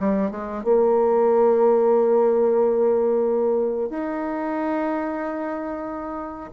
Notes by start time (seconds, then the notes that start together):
0.00 G3
0.31 G#3
0.64 A#3
3.90 D#4